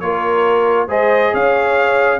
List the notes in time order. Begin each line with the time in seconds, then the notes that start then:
0.00 A#3 F4 A#4 C#5
0.88 G#3 G#4 C5 D#5
1.33 C#4 C#5 F5